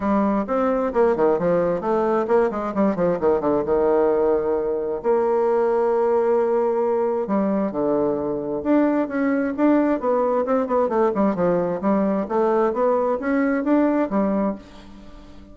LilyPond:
\new Staff \with { instrumentName = "bassoon" } { \time 4/4 \tempo 4 = 132 g4 c'4 ais8 dis8 f4 | a4 ais8 gis8 g8 f8 dis8 d8 | dis2. ais4~ | ais1 |
g4 d2 d'4 | cis'4 d'4 b4 c'8 b8 | a8 g8 f4 g4 a4 | b4 cis'4 d'4 g4 | }